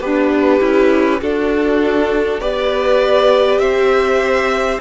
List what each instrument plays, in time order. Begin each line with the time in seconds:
0.00 cello B3, violin D4 B4, viola G4
0.60 cello C#4, violin E4
1.21 cello D4, viola D4, violin F#4 A4
2.40 cello B3, viola G4, violin B4 D5
3.58 cello C4, violin C5 E5